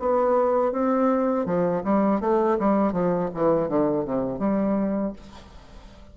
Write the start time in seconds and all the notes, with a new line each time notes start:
0.00 B3
0.73 C4
1.46 F3
1.84 G3
2.21 A3
2.60 G3
2.93 F3
3.34 E3
3.69 D3
4.05 C3
4.39 G3